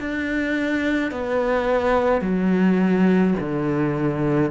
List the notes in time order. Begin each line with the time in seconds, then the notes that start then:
0.00 D4
1.11 B3
2.21 F#3
3.39 D3